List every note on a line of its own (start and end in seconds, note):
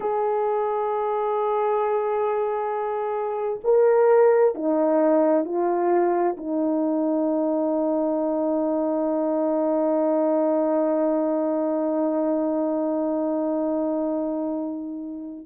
0.00 3.60 G#4
3.64 4.55 A#4
4.55 5.45 D#4
5.45 6.36 F4
6.37 15.46 D#4